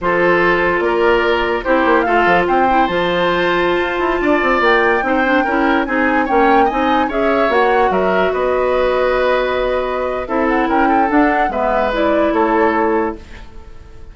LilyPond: <<
  \new Staff \with { instrumentName = "flute" } { \time 4/4 \tempo 4 = 146 c''2 d''2 | c''4 f''4 g''4 a''4~ | a''2.~ a''16 g''8.~ | g''2~ g''16 gis''4 g''8.~ |
g''16 gis''4 e''4 fis''4 e''8.~ | e''16 dis''2.~ dis''8.~ | dis''4 e''8 fis''8 g''4 fis''4 | e''4 d''4 cis''2 | }
  \new Staff \with { instrumentName = "oboe" } { \time 4/4 a'2 ais'2 | g'4 a'4 c''2~ | c''2~ c''16 d''4.~ d''16~ | d''16 c''4 ais'4 gis'4 cis''8.~ |
cis''16 dis''4 cis''2 ais'8.~ | ais'16 b'2.~ b'8.~ | b'4 a'4 ais'8 a'4. | b'2 a'2 | }
  \new Staff \with { instrumentName = "clarinet" } { \time 4/4 f'1 | e'4 f'4. e'8 f'4~ | f'1~ | f'16 dis'8 d'8 e'4 dis'4 cis'8.~ |
cis'16 dis'4 gis'4 fis'4.~ fis'16~ | fis'1~ | fis'4 e'2 d'4 | b4 e'2. | }
  \new Staff \with { instrumentName = "bassoon" } { \time 4/4 f2 ais2 | c'8 ais8 a8 f8 c'4 f4~ | f4~ f16 f'8 e'8 d'8 c'8 ais8.~ | ais16 c'4 cis'4 c'4 ais8.~ |
ais16 c'4 cis'4 ais4 fis8.~ | fis16 b2.~ b8.~ | b4 c'4 cis'4 d'4 | gis2 a2 | }
>>